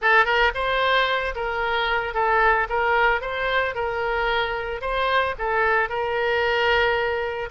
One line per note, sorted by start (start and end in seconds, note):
0.01 0.25 A4
0.25 0.52 A#4
0.54 1.34 C5
1.35 2.14 A#4
2.14 2.67 A4
2.69 3.21 A#4
3.21 3.74 C5
3.74 4.81 A#4
4.81 5.34 C5
5.38 5.89 A4
5.89 7.49 A#4